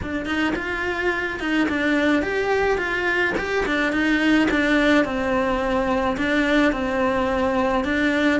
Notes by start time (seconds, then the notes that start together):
0.02 D4
0.25 D#4
0.55 F4
1.39 D#4
1.68 D4
2.22 G4
2.78 F4
3.37 G4
3.66 D4
3.92 D#4
4.50 D4
5.04 C4
6.17 D4
6.72 C4
7.84 D4